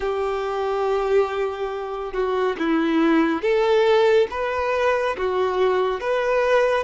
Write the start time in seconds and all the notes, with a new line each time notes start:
0.00 G4
2.13 F#4
2.58 E4
3.42 A4
4.30 B4
5.17 F#4
6.00 B4